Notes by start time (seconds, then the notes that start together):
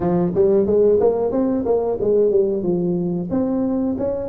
0.00 F3
0.34 G3
0.66 G#3
1.00 A#3
1.31 C4
1.65 A#3
2.00 G#3
2.30 G3
2.62 F3
3.30 C4
3.97 C#4